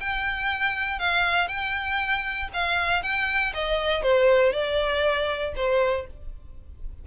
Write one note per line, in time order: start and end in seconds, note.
0.00 0.99 G5
0.99 1.48 F5
1.48 2.49 G5
2.53 3.03 F5
3.03 3.53 G5
3.54 4.02 D#5
4.02 4.53 C5
4.53 5.53 D5
5.56 6.06 C5